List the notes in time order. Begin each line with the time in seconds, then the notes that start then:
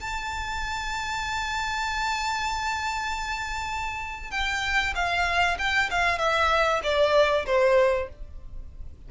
0.00 A5
4.30 G5
4.95 F5
5.58 G5
5.90 F5
6.18 E5
6.83 D5
7.46 C5